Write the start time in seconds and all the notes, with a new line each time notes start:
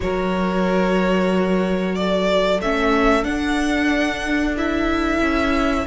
0.00 F#3 F#4 A#4 C#5
1.95 A4 D5
2.60 A3 C#4 E5
3.23 D4 F#5
4.56 E4 E5
5.21 C#4